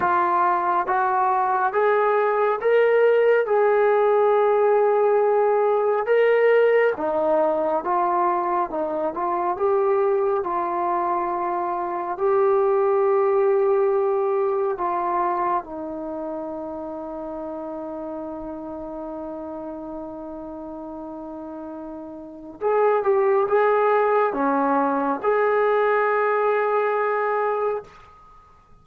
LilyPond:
\new Staff \with { instrumentName = "trombone" } { \time 4/4 \tempo 4 = 69 f'4 fis'4 gis'4 ais'4 | gis'2. ais'4 | dis'4 f'4 dis'8 f'8 g'4 | f'2 g'2~ |
g'4 f'4 dis'2~ | dis'1~ | dis'2 gis'8 g'8 gis'4 | cis'4 gis'2. | }